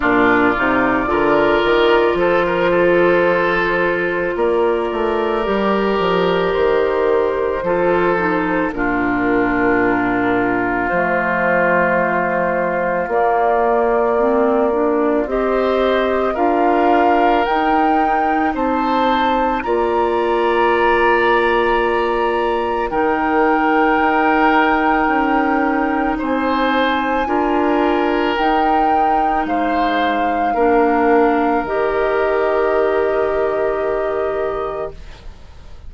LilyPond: <<
  \new Staff \with { instrumentName = "flute" } { \time 4/4 \tempo 4 = 55 d''2 c''2 | d''2 c''2 | ais'2 c''2 | d''2 dis''4 f''4 |
g''4 a''4 ais''2~ | ais''4 g''2. | gis''2 g''4 f''4~ | f''4 dis''2. | }
  \new Staff \with { instrumentName = "oboe" } { \time 4/4 f'4 ais'4 a'16 ais'16 a'4. | ais'2. a'4 | f'1~ | f'2 c''4 ais'4~ |
ais'4 c''4 d''2~ | d''4 ais'2. | c''4 ais'2 c''4 | ais'1 | }
  \new Staff \with { instrumentName = "clarinet" } { \time 4/4 d'8 dis'8 f'2.~ | f'4 g'2 f'8 dis'8 | d'2 a2 | ais4 c'8 d'8 g'4 f'4 |
dis'2 f'2~ | f'4 dis'2.~ | dis'4 f'4 dis'2 | d'4 g'2. | }
  \new Staff \with { instrumentName = "bassoon" } { \time 4/4 ais,8 c8 d8 dis8 f2 | ais8 a8 g8 f8 dis4 f4 | ais,2 f2 | ais2 c'4 d'4 |
dis'4 c'4 ais2~ | ais4 dis4 dis'4 cis'4 | c'4 d'4 dis'4 gis4 | ais4 dis2. | }
>>